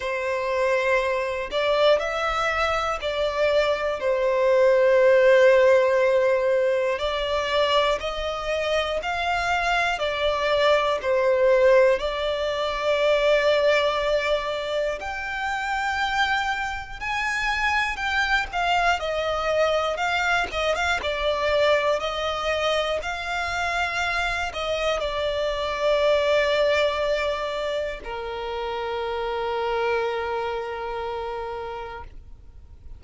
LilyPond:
\new Staff \with { instrumentName = "violin" } { \time 4/4 \tempo 4 = 60 c''4. d''8 e''4 d''4 | c''2. d''4 | dis''4 f''4 d''4 c''4 | d''2. g''4~ |
g''4 gis''4 g''8 f''8 dis''4 | f''8 dis''16 f''16 d''4 dis''4 f''4~ | f''8 dis''8 d''2. | ais'1 | }